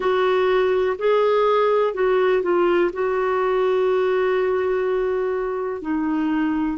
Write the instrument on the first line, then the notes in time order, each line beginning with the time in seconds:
clarinet
0.00 F#4
0.98 G#4
1.94 F#4
2.42 F4
2.93 F#4
5.81 D#4